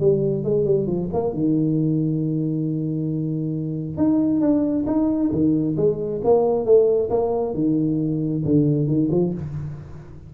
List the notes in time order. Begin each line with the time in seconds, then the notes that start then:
0.00 G3
0.44 G#3
0.65 G3
0.87 F3
1.13 A#3
1.33 D#3
3.97 D#4
4.41 D4
4.86 D#4
5.31 D#3
5.77 G#3
6.24 A#3
6.65 A3
7.10 A#3
7.54 D#3
8.45 D3
8.87 D#3
9.11 F3